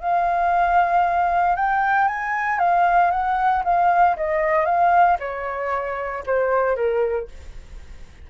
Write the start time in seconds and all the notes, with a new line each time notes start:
0.00 F5
1.56 G5
2.08 G#5
2.59 F5
3.11 F#5
3.64 F5
4.16 D#5
4.66 F5
5.20 C#5
6.26 C5
6.76 A#4